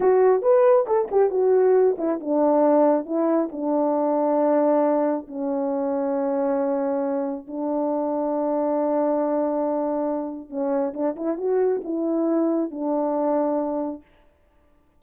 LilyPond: \new Staff \with { instrumentName = "horn" } { \time 4/4 \tempo 4 = 137 fis'4 b'4 a'8 g'8 fis'4~ | fis'8 e'8 d'2 e'4 | d'1 | cis'1~ |
cis'4 d'2.~ | d'1 | cis'4 d'8 e'8 fis'4 e'4~ | e'4 d'2. | }